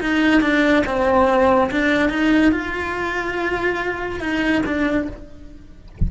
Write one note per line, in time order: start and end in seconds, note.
0.00 0.41 D#4
0.41 0.83 D4
0.86 1.71 C4
1.71 2.09 D4
2.09 2.52 D#4
2.52 4.20 F4
4.20 4.62 D#4
4.66 5.08 D4